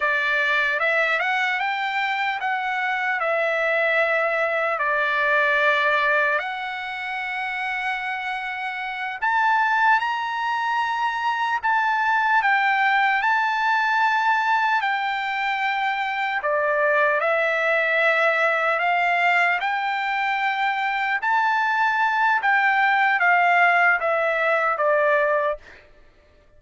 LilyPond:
\new Staff \with { instrumentName = "trumpet" } { \time 4/4 \tempo 4 = 75 d''4 e''8 fis''8 g''4 fis''4 | e''2 d''2 | fis''2.~ fis''8 a''8~ | a''8 ais''2 a''4 g''8~ |
g''8 a''2 g''4.~ | g''8 d''4 e''2 f''8~ | f''8 g''2 a''4. | g''4 f''4 e''4 d''4 | }